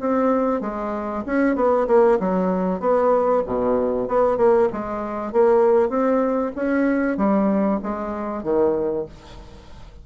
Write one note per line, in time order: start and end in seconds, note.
0.00 0.61 C4
0.61 1.24 G#3
1.26 1.56 C#4
1.56 1.87 B3
1.88 2.19 A#3
2.20 2.80 F#3
2.80 3.42 B3
3.46 4.08 B2
4.08 4.38 B3
4.38 4.69 A#3
4.72 5.32 G#3
5.32 5.89 A#3
5.89 6.52 C4
6.56 7.17 C#4
7.17 7.80 G3
7.83 8.43 G#3
8.43 9.06 D#3